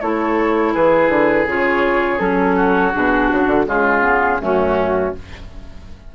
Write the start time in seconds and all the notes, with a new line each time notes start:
0.00 A3 E4 A4 C#5
0.73 E3 G#4 B4
1.09 D3
1.46 C#3 F4 C#5
2.19 F#3 C#4 A4
2.56 F#4
2.93 B2 D4 G#4
3.29 C#3 F#4
3.47 D3
3.66 C#3 G#3 F4 G#4
4.02 B3
4.40 F#2 A3 C#4 F#4